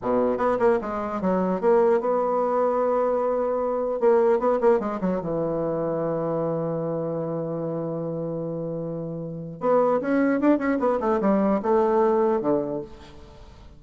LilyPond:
\new Staff \with { instrumentName = "bassoon" } { \time 4/4 \tempo 4 = 150 b,4 b8 ais8 gis4 fis4 | ais4 b2.~ | b2 ais4 b8 ais8 | gis8 fis8 e2.~ |
e1~ | e1 | b4 cis'4 d'8 cis'8 b8 a8 | g4 a2 d4 | }